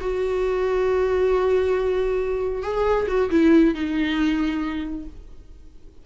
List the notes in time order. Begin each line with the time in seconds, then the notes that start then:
0.00 F#4
2.63 G#4
3.07 F#4
3.30 E4
3.74 D#4